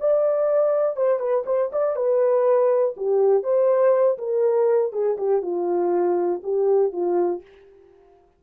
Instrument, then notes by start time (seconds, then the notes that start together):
horn
0.00 D5
0.96 C5
1.19 B4
1.46 C5
1.72 D5
1.96 B4
2.97 G4
3.43 C5
4.18 A#4
4.92 G#4
5.18 G4
5.42 F4
6.43 G4
6.92 F4